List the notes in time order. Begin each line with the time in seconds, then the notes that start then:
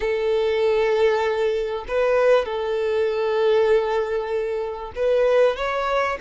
0.00 A4
1.88 B4
2.45 A4
4.95 B4
5.56 C#5